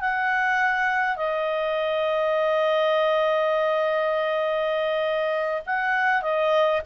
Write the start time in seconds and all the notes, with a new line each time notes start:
0.00 F#5
1.16 D#5
5.66 F#5
6.22 D#5